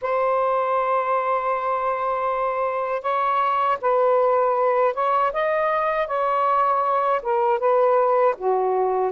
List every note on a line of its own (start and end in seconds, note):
0.01 3.01 C5
3.01 3.77 C#5
3.81 4.94 B4
4.94 5.32 C#5
5.32 6.07 D#5
6.07 7.21 C#5
7.22 7.59 A#4
7.59 8.35 B4
8.37 9.12 F#4